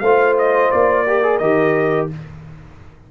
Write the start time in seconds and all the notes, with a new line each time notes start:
0.00 A3 F4 C5 F5
0.39 D#5
0.72 A#3 D5
1.07 G4 A#4
1.23 G#4
1.38 D#3 G4 D#5